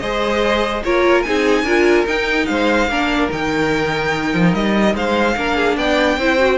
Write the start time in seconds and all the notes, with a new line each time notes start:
0.00 G#3 G#4 C5 D#5
0.84 A#3 F4 A#4 C#5
1.23 C4 D#4 G#4 G#5
1.63 D4 F4 A#4
2.06 D#4 G5
2.46 G#3 C5 F5
2.89 A#3 D4 A#4
3.31 D#3 D#4 G5
4.35 F3
4.54 G3 D#5
4.95 G#3 C5 F5
5.37 A#3 D4 A#4
5.57 G#4
5.77 B3 D5 G5
6.18 C4 E4 C5
6.38 F#4